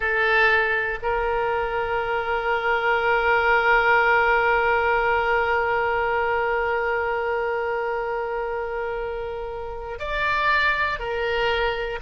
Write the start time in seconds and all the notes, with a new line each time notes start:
0.00 A4
1.02 A#4
9.99 D5
10.99 A#4